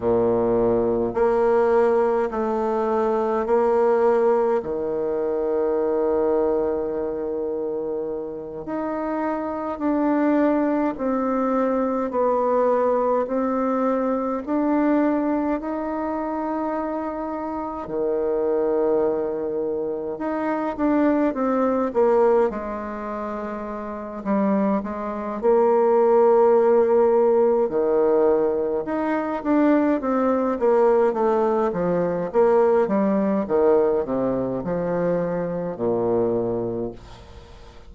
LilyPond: \new Staff \with { instrumentName = "bassoon" } { \time 4/4 \tempo 4 = 52 ais,4 ais4 a4 ais4 | dis2.~ dis8 dis'8~ | dis'8 d'4 c'4 b4 c'8~ | c'8 d'4 dis'2 dis8~ |
dis4. dis'8 d'8 c'8 ais8 gis8~ | gis4 g8 gis8 ais2 | dis4 dis'8 d'8 c'8 ais8 a8 f8 | ais8 g8 dis8 c8 f4 ais,4 | }